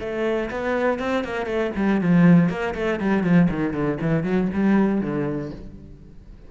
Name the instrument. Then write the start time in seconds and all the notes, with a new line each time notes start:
cello
0.00 A3
0.51 B3
0.99 C4
1.24 A#3
1.46 A3
1.76 G3
2.01 F3
2.50 A#3
2.75 A3
3.00 G3
3.23 F3
3.50 D#3
3.73 D3
4.01 E3
4.23 F#3
4.54 G3
5.01 D3